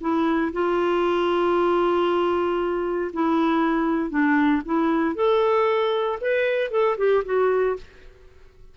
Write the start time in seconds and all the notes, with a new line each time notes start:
0.00 E4
0.52 F4
3.13 E4
4.10 D4
4.65 E4
5.15 A4
6.20 B4
6.71 A4
6.97 G4
7.24 F#4